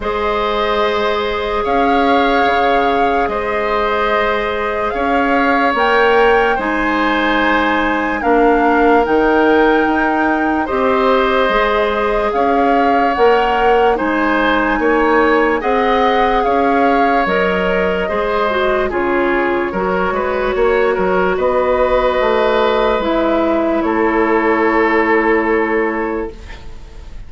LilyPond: <<
  \new Staff \with { instrumentName = "flute" } { \time 4/4 \tempo 4 = 73 dis''2 f''2 | dis''2 f''4 g''4 | gis''2 f''4 g''4~ | g''4 dis''2 f''4 |
fis''4 gis''2 fis''4 | f''4 dis''2 cis''4~ | cis''2 dis''2 | e''4 cis''2. | }
  \new Staff \with { instrumentName = "oboe" } { \time 4/4 c''2 cis''2 | c''2 cis''2 | c''2 ais'2~ | ais'4 c''2 cis''4~ |
cis''4 c''4 cis''4 dis''4 | cis''2 c''4 gis'4 | ais'8 b'8 cis''8 ais'8 b'2~ | b'4 a'2. | }
  \new Staff \with { instrumentName = "clarinet" } { \time 4/4 gis'1~ | gis'2. ais'4 | dis'2 d'4 dis'4~ | dis'4 g'4 gis'2 |
ais'4 dis'2 gis'4~ | gis'4 ais'4 gis'8 fis'8 f'4 | fis'1 | e'1 | }
  \new Staff \with { instrumentName = "bassoon" } { \time 4/4 gis2 cis'4 cis4 | gis2 cis'4 ais4 | gis2 ais4 dis4 | dis'4 c'4 gis4 cis'4 |
ais4 gis4 ais4 c'4 | cis'4 fis4 gis4 cis4 | fis8 gis8 ais8 fis8 b4 a4 | gis4 a2. | }
>>